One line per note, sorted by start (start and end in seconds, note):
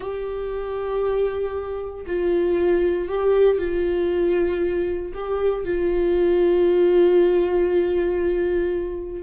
0.00 2.05 G4
2.06 3.08 F4
3.08 3.58 G4
3.58 5.12 F4
5.14 5.64 G4
5.64 9.22 F4